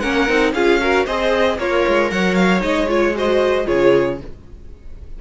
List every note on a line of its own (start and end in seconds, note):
0.00 0.28 A#3
0.00 0.27 C#4
0.00 0.53 A#4
0.00 0.52 F#5
0.27 0.53 C4
0.27 0.54 D#4
0.53 1.05 C#4
0.53 0.81 F4
0.53 0.81 G#4
0.53 1.06 F5
0.81 1.07 F#4
0.81 1.06 A#4
1.06 1.58 C4
1.06 1.59 G#4
1.06 1.58 C5
1.06 1.58 D#5
1.58 1.84 A#3
1.58 2.12 F4
1.58 2.60 A#4
1.58 2.11 C#5
1.88 2.11 G#3
2.11 2.62 F#3
2.11 3.17 C#5
2.11 2.35 F#5
2.35 2.61 F5
2.60 3.67 G#3
2.60 2.86 D#4
2.60 2.89 D#5
2.88 3.14 F4
2.88 3.16 C#5
3.15 3.65 F#4
3.15 3.67 C5
3.15 3.67 D#5
3.65 4.21 C#3
3.65 4.17 F4
3.65 4.19 G#4
3.65 4.20 C#5